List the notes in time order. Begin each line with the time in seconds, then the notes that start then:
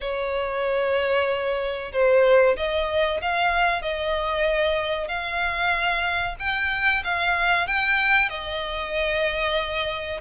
0.00 C#5
1.92 C5
2.56 D#5
3.21 F5
3.82 D#5
5.07 F5
6.39 G5
7.04 F5
7.67 G5
8.29 D#5